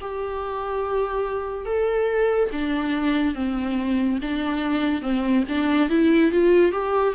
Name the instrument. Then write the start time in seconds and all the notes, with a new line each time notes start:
viola
0.00 G4
1.65 A4
2.52 D4
3.34 C4
4.21 D4
5.01 C4
5.48 D4
5.89 E4
6.31 F4
6.71 G4